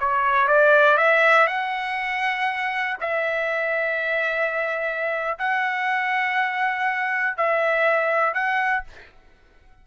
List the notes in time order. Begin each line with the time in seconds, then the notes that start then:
0.00 C#5
0.48 D5
0.98 E5
1.47 F#5
3.01 E5
5.39 F#5
7.37 E5
8.34 F#5